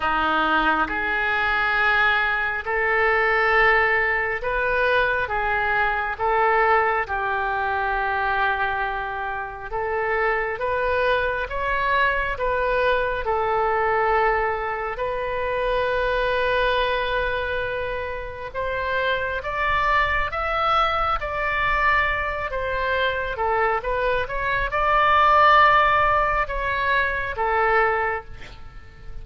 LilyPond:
\new Staff \with { instrumentName = "oboe" } { \time 4/4 \tempo 4 = 68 dis'4 gis'2 a'4~ | a'4 b'4 gis'4 a'4 | g'2. a'4 | b'4 cis''4 b'4 a'4~ |
a'4 b'2.~ | b'4 c''4 d''4 e''4 | d''4. c''4 a'8 b'8 cis''8 | d''2 cis''4 a'4 | }